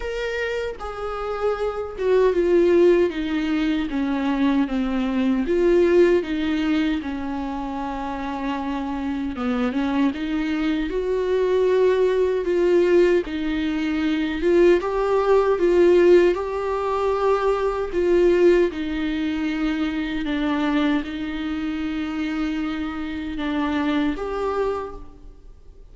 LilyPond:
\new Staff \with { instrumentName = "viola" } { \time 4/4 \tempo 4 = 77 ais'4 gis'4. fis'8 f'4 | dis'4 cis'4 c'4 f'4 | dis'4 cis'2. | b8 cis'8 dis'4 fis'2 |
f'4 dis'4. f'8 g'4 | f'4 g'2 f'4 | dis'2 d'4 dis'4~ | dis'2 d'4 g'4 | }